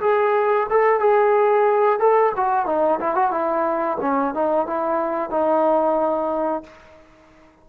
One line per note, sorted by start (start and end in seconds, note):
0.00 0.67 G#4
0.70 0.99 A4
0.99 1.99 G#4
1.99 2.32 A4
2.36 2.65 F#4
2.65 2.99 D#4
3.00 3.15 E4
3.15 3.31 F#4
3.31 3.98 E4
4.00 4.34 C#4
4.34 4.66 D#4
4.66 5.30 E4
5.30 6.63 D#4